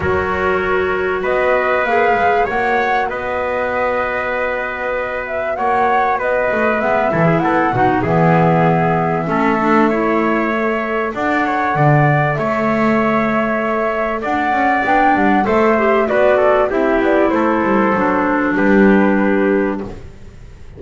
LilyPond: <<
  \new Staff \with { instrumentName = "flute" } { \time 4/4 \tempo 4 = 97 cis''2 dis''4 f''4 | fis''4 dis''2.~ | dis''8 e''8 fis''4 dis''4 e''4 | fis''4 e''2.~ |
e''2 fis''2 | e''2. fis''4 | g''8 fis''8 e''4 d''4 e''8 d''8 | c''2 b'2 | }
  \new Staff \with { instrumentName = "trumpet" } { \time 4/4 ais'2 b'2 | cis''4 b'2.~ | b'4 cis''4 b'4. a'16 gis'16 | a'8 fis'8 gis'2 a'4 |
cis''2 d''8 cis''8 d''4 | cis''2. d''4~ | d''4 c''4 b'8 a'8 g'4 | a'2 g'2 | }
  \new Staff \with { instrumentName = "clarinet" } { \time 4/4 fis'2. gis'4 | fis'1~ | fis'2. b8 e'8~ | e'8 dis'8 b2 cis'8 d'8 |
e'4 a'2.~ | a'1 | d'4 a'8 g'8 fis'4 e'4~ | e'4 d'2. | }
  \new Staff \with { instrumentName = "double bass" } { \time 4/4 fis2 b4 ais8 gis8 | ais4 b2.~ | b4 ais4 b8 a8 gis8 e8 | b8 b,8 e2 a4~ |
a2 d'4 d4 | a2. d'8 cis'8 | b8 g8 a4 b4 c'8 b8 | a8 g8 fis4 g2 | }
>>